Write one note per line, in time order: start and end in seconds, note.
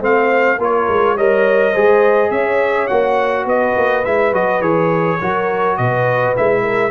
0.00 0.59 A3
0.00 0.58 C4
0.00 0.58 C5
0.00 0.62 F5
0.59 0.88 A#3
0.59 1.18 F4
0.59 1.16 A#4
0.59 1.18 C#5
0.88 1.16 G#3
1.16 1.74 G3
1.16 1.76 A#4
1.16 1.72 C#5
1.16 2.31 D#5
1.72 2.31 G#3
1.72 2.90 G#4
1.72 2.30 C5
2.31 2.89 C#4
2.31 3.46 C#5
2.31 2.88 E5
2.88 3.46 A#3
2.88 4.05 F#4
2.88 3.45 F#5
3.46 3.75 B3
3.46 5.19 B4
3.46 4.05 D#5
3.77 4.06 A#3
4.05 4.33 G#3
4.05 4.34 E4
4.05 4.34 E5
4.33 4.61 F#3
4.33 4.62 F#4
4.33 4.62 D#5
4.61 5.19 E3
4.61 5.20 G#4
4.61 5.77 C#5
5.21 5.79 F#3
5.21 6.37 F#4
5.21 5.78 A#4
5.77 6.36 B2
5.77 6.62 B4
5.77 6.35 D#5
6.37 6.91 G#3
6.37 6.91 E4
6.37 6.91 E5
6.62 6.91 A#4